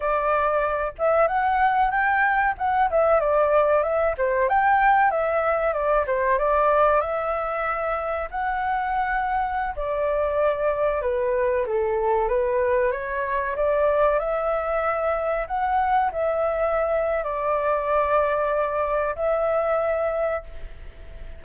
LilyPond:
\new Staff \with { instrumentName = "flute" } { \time 4/4 \tempo 4 = 94 d''4. e''8 fis''4 g''4 | fis''8 e''8 d''4 e''8 c''8 g''4 | e''4 d''8 c''8 d''4 e''4~ | e''4 fis''2~ fis''16 d''8.~ |
d''4~ d''16 b'4 a'4 b'8.~ | b'16 cis''4 d''4 e''4.~ e''16~ | e''16 fis''4 e''4.~ e''16 d''4~ | d''2 e''2 | }